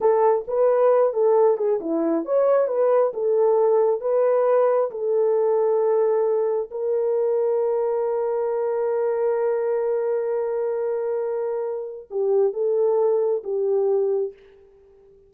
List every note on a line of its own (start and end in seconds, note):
0.00 0.45 A4
0.47 1.13 B4
1.13 1.57 A4
1.57 1.79 G#4
1.80 2.25 E4
2.25 2.67 C#5
2.67 3.12 B4
3.13 4.00 A4
4.00 4.90 B4
4.90 6.69 A4
6.70 12.08 A#4
12.10 12.53 G4
12.53 13.42 A4
13.43 14.33 G4